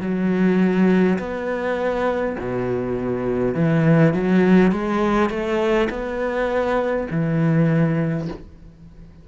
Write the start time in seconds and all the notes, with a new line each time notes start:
0.00 F#3
1.18 B3
2.39 B2
3.55 E3
4.13 F#3
4.72 G#3
5.29 A3
5.89 B3
7.10 E3